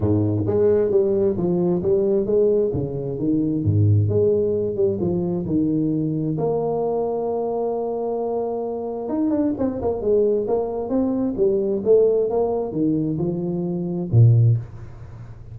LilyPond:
\new Staff \with { instrumentName = "tuba" } { \time 4/4 \tempo 4 = 132 gis,4 gis4 g4 f4 | g4 gis4 cis4 dis4 | gis,4 gis4. g8 f4 | dis2 ais2~ |
ais1 | dis'8 d'8 c'8 ais8 gis4 ais4 | c'4 g4 a4 ais4 | dis4 f2 ais,4 | }